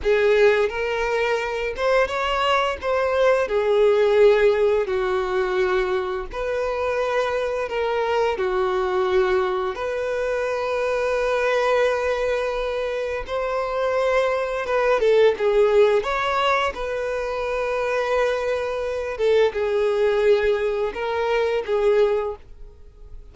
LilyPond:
\new Staff \with { instrumentName = "violin" } { \time 4/4 \tempo 4 = 86 gis'4 ais'4. c''8 cis''4 | c''4 gis'2 fis'4~ | fis'4 b'2 ais'4 | fis'2 b'2~ |
b'2. c''4~ | c''4 b'8 a'8 gis'4 cis''4 | b'2.~ b'8 a'8 | gis'2 ais'4 gis'4 | }